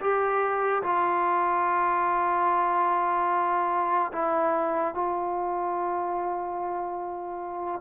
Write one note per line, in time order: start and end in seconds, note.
0.00 0.82 G4
0.83 4.11 F4
4.12 4.94 E4
4.94 7.81 F4